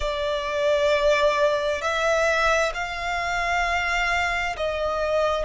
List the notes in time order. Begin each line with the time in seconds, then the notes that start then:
0.00 D5
1.81 E5
2.74 F5
4.57 D#5